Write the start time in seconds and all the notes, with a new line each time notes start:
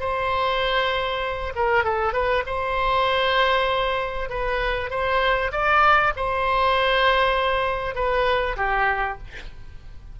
0.00 C5
1.56 A#4
1.84 A4
2.13 B4
2.46 C5
4.30 B4
4.90 C5
5.52 D5
6.16 C5
7.95 B4
8.57 G4